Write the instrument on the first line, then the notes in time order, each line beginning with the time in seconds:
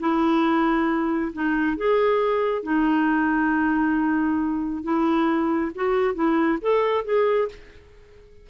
clarinet
0.00 E4
1.33 D#4
1.77 G#4
2.63 D#4
4.84 E4
5.75 F#4
6.15 E4
6.62 A4
7.05 G#4